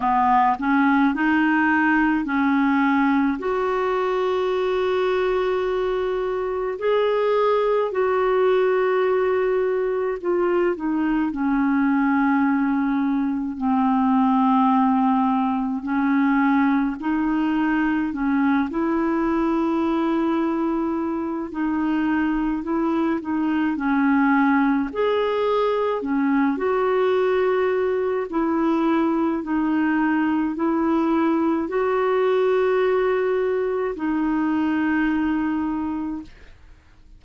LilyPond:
\new Staff \with { instrumentName = "clarinet" } { \time 4/4 \tempo 4 = 53 b8 cis'8 dis'4 cis'4 fis'4~ | fis'2 gis'4 fis'4~ | fis'4 f'8 dis'8 cis'2 | c'2 cis'4 dis'4 |
cis'8 e'2~ e'8 dis'4 | e'8 dis'8 cis'4 gis'4 cis'8 fis'8~ | fis'4 e'4 dis'4 e'4 | fis'2 dis'2 | }